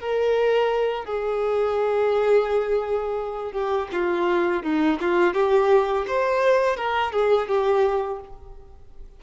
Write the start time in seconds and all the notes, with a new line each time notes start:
0.00 A#4
1.05 G#4
3.52 G4
3.92 F4
4.63 D#4
5.01 F4
5.34 G4
6.07 C5
6.76 A#4
7.12 G#4
7.48 G4